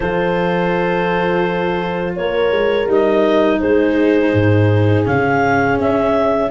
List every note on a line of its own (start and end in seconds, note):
0.00 2.16 F3
0.00 2.88 F4
0.00 2.16 A4
0.00 2.13 C5
2.15 2.51 A#3
2.15 3.60 A#4
2.15 2.88 C#5
2.51 2.87 G#3
2.87 3.59 G3
2.87 5.05 D#4
2.87 3.60 D#5
3.60 4.33 G#3
3.60 6.49 G#4
3.60 5.04 C5
4.33 5.05 G#2
5.05 5.78 C#3
5.05 6.50 C#4
5.05 5.78 F5
5.78 6.50 C#4
5.78 6.50 E5